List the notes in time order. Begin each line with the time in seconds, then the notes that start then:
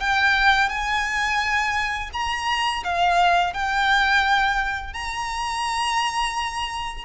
0.00 G5
0.69 G#5
2.13 A#5
2.84 F5
3.53 G5
4.93 A#5